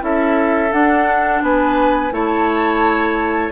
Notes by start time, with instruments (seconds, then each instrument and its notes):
0.00 bassoon C#4, clarinet E4, oboe A4, flute E5
0.72 clarinet D4, bassoon D4, flute F#5
1.42 bassoon B3, oboe B4, flute G#5
2.11 bassoon A3, clarinet E4, oboe C#5, flute A5